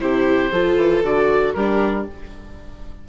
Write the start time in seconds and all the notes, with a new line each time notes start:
0.00 C3 E4 G4 C5
0.52 F3 F4 A4
0.76 E3
1.03 D3 F#4 D5
1.54 G3 D4 G4 A#4